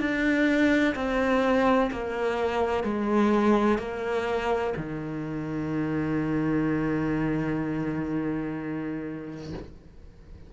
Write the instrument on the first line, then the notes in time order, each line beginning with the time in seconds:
cello
0.00 D4
0.95 C4
1.92 A#3
2.84 G#3
3.78 A#3
4.77 D#3